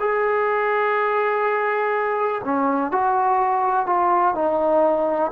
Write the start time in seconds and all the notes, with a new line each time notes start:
0.00 G#4
2.44 C#4
2.92 F#4
3.87 F4
4.35 D#4